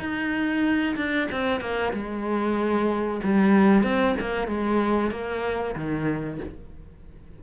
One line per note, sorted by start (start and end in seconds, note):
0.00 0.96 D#4
0.97 1.29 D4
1.32 1.61 C4
1.61 1.93 A#3
1.93 3.21 G#3
3.24 3.84 G3
3.84 4.16 C4
4.20 4.48 A#3
4.48 5.12 G#3
5.12 5.75 A#3
5.76 6.40 D#3